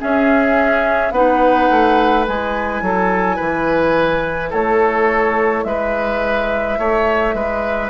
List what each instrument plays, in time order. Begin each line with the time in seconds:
0.00 clarinet C#4, bassoon C#4, oboe G#4, flute E5
1.11 bassoon B3, clarinet D#4, oboe B4, flute F#5
1.70 bassoon A3
2.24 bassoon G#3, clarinet E4, flute G#5
2.82 bassoon F#3, oboe A4
3.36 bassoon E3, oboe B4
4.50 bassoon A3, oboe A4, flute C#5
5.64 bassoon G#3, oboe B4, flute E5
6.78 bassoon A3, oboe C#5
7.34 bassoon G#3, oboe B4